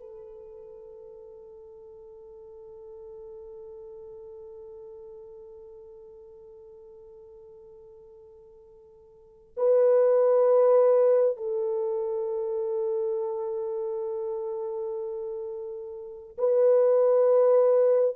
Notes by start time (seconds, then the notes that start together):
0.00 A4
9.57 B4
11.37 A4
16.38 B4